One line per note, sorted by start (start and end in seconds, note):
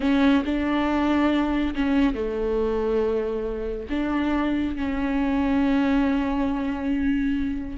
0.00 0.43 C#4
0.45 1.74 D4
1.75 2.14 C#4
2.14 3.87 A3
3.89 4.76 D4
4.76 7.77 C#4